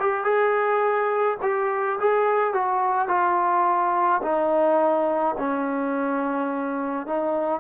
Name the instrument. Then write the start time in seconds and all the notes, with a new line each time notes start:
trombone
0.00 G4
0.24 G#4
1.43 G4
2.00 G#4
2.54 F#4
3.09 F4
4.22 D#4
5.39 C#4
7.07 D#4